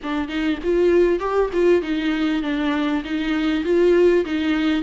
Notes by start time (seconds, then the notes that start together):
0.02 D4
0.28 D#4
0.63 F4
1.19 G4
1.53 F4
1.82 D#4
2.42 D4
3.04 D#4
3.64 F4
4.25 D#4